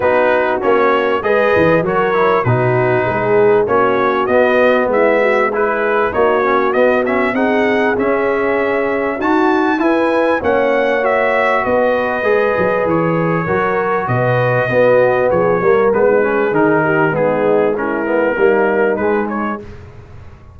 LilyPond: <<
  \new Staff \with { instrumentName = "trumpet" } { \time 4/4 \tempo 4 = 98 b'4 cis''4 dis''4 cis''4 | b'2 cis''4 dis''4 | e''4 b'4 cis''4 dis''8 e''8 | fis''4 e''2 a''4 |
gis''4 fis''4 e''4 dis''4~ | dis''4 cis''2 dis''4~ | dis''4 cis''4 b'4 ais'4 | gis'4 ais'2 b'8 cis''8 | }
  \new Staff \with { instrumentName = "horn" } { \time 4/4 fis'2 b'4 ais'4 | fis'4 gis'4 fis'2 | e'8 fis'8 gis'4 fis'2 | gis'2. fis'4 |
b'4 cis''2 b'4~ | b'2 ais'4 b'4 | fis'4 gis'8 ais'8. dis'16 gis'4 g'8 | dis'4 e'4 dis'2 | }
  \new Staff \with { instrumentName = "trombone" } { \time 4/4 dis'4 cis'4 gis'4 fis'8 e'8 | dis'2 cis'4 b4~ | b4 e'4 dis'8 cis'8 b8 cis'8 | dis'4 cis'2 fis'4 |
e'4 cis'4 fis'2 | gis'2 fis'2 | b4. ais8 b8 cis'8 dis'4 | b4 cis'8 b8 ais4 gis4 | }
  \new Staff \with { instrumentName = "tuba" } { \time 4/4 b4 ais4 gis8 e8 fis4 | b,4 gis4 ais4 b4 | gis2 ais4 b4 | c'4 cis'2 dis'4 |
e'4 ais2 b4 | gis8 fis8 e4 fis4 b,4 | b4 f8 g8 gis4 dis4 | gis2 g4 gis4 | }
>>